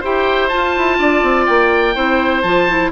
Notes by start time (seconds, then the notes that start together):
0.00 E4 G4 C5 G5
0.48 F4 A5
0.76 E4
0.98 D4 D5
1.22 C4
1.46 A#3 G5
1.94 C4 E4 C5
2.42 F3 F4 A5
2.68 E4